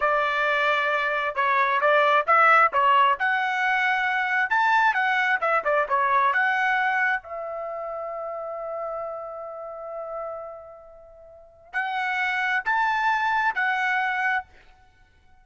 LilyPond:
\new Staff \with { instrumentName = "trumpet" } { \time 4/4 \tempo 4 = 133 d''2. cis''4 | d''4 e''4 cis''4 fis''4~ | fis''2 a''4 fis''4 | e''8 d''8 cis''4 fis''2 |
e''1~ | e''1~ | e''2 fis''2 | a''2 fis''2 | }